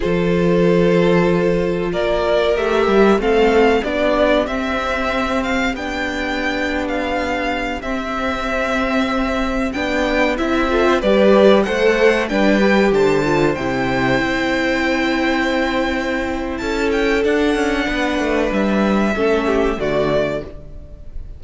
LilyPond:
<<
  \new Staff \with { instrumentName = "violin" } { \time 4/4 \tempo 4 = 94 c''2. d''4 | e''4 f''4 d''4 e''4~ | e''8 f''8 g''4.~ g''16 f''4~ f''16~ | f''16 e''2. g''8.~ |
g''16 e''4 d''4 fis''4 g''8.~ | g''16 a''4 g''2~ g''8.~ | g''2 a''8 g''8 fis''4~ | fis''4 e''2 d''4 | }
  \new Staff \with { instrumentName = "violin" } { \time 4/4 a'2. ais'4~ | ais'4 a'4 g'2~ | g'1~ | g'1~ |
g'8. a'16 c''16 b'4 c''4 b'8.~ | b'16 c''2.~ c''8.~ | c''2 a'2 | b'2 a'8 g'8 fis'4 | }
  \new Staff \with { instrumentName = "viola" } { \time 4/4 f'1 | g'4 c'4 d'4 c'4~ | c'4 d'2.~ | d'16 c'2. d'8.~ |
d'16 e'8 f'8 g'4 a'4 d'8 g'16~ | g'8. f'8 e'2~ e'8.~ | e'2. d'4~ | d'2 cis'4 a4 | }
  \new Staff \with { instrumentName = "cello" } { \time 4/4 f2. ais4 | a8 g8 a4 b4 c'4~ | c'4 b2.~ | b16 c'2. b8.~ |
b16 c'4 g4 a4 g8.~ | g16 d4 c4 c'4.~ c'16~ | c'2 cis'4 d'8 cis'8 | b8 a8 g4 a4 d4 | }
>>